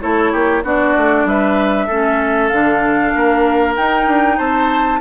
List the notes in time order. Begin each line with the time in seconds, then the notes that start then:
0.00 A3 E4 A4 C#5
0.32 A#3 G4
0.63 B3 D4 F#4 D5
0.97 A3
1.25 G3 B4 E5
1.87 A3 C#4 A4
2.48 D3 D4 F5
3.15 A#3 A#4
3.76 D#4 G5
4.07 D4
4.37 C4 C5 A5